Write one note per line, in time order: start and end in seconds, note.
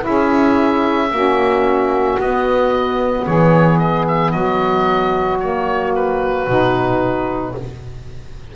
0.00 1.07 E4
0.00 1.12 G#4
0.00 2.20 E5
0.06 1.11 C#4
1.11 2.18 A#3
1.11 2.19 C#4
1.11 3.25 F#4
2.19 3.26 B3
2.19 5.40 B3
2.19 3.25 D#5
3.25 4.33 E3
3.25 4.32 G#4
3.25 3.78 C#5
3.78 4.05 D#5
4.07 4.31 E5
4.31 6.47 F#3
4.31 7.55 F#4
4.31 5.38 D#5
5.39 6.47 A#3
5.39 5.93 C#5
5.94 7.55 B4
6.47 7.54 B2
6.47 7.54 D#4